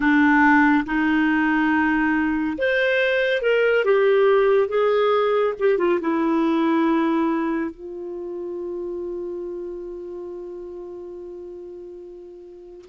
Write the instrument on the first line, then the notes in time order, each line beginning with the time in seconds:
clarinet
0.00 D4
0.85 D#4
2.58 C5
3.41 A#4
3.85 G4
4.68 G#4
5.59 G4
5.78 F4
6.00 E4
7.71 F4